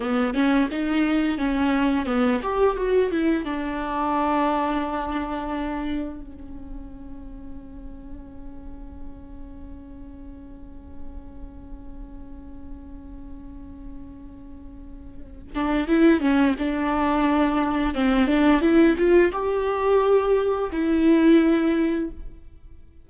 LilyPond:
\new Staff \with { instrumentName = "viola" } { \time 4/4 \tempo 4 = 87 b8 cis'8 dis'4 cis'4 b8 g'8 | fis'8 e'8 d'2.~ | d'4 cis'2.~ | cis'1~ |
cis'1~ | cis'2~ cis'8 d'8 e'8 cis'8 | d'2 c'8 d'8 e'8 f'8 | g'2 e'2 | }